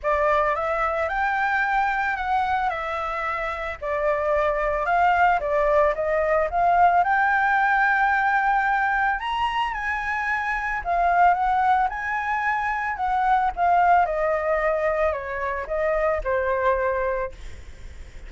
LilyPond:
\new Staff \with { instrumentName = "flute" } { \time 4/4 \tempo 4 = 111 d''4 e''4 g''2 | fis''4 e''2 d''4~ | d''4 f''4 d''4 dis''4 | f''4 g''2.~ |
g''4 ais''4 gis''2 | f''4 fis''4 gis''2 | fis''4 f''4 dis''2 | cis''4 dis''4 c''2 | }